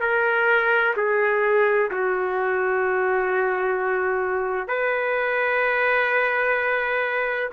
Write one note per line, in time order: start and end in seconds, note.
0.00 0.94 A#4
0.96 1.90 G#4
1.90 4.67 F#4
4.67 7.49 B4